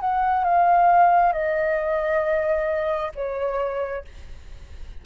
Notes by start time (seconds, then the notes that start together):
0.00 F#5
0.44 F5
1.33 D#5
3.15 C#5